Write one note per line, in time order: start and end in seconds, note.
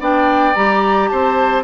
0.00 0.55 B3
0.00 0.55 D4
0.00 1.09 D5
0.00 0.55 G5
0.55 1.10 G3
0.55 1.64 G4
0.55 1.08 A#5
1.08 1.64 C4
1.08 1.64 C5
1.08 1.63 A5